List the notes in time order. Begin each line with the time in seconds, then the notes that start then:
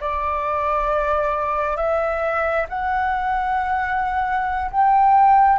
0.00 D5
1.77 E5
2.69 F#5
4.71 G5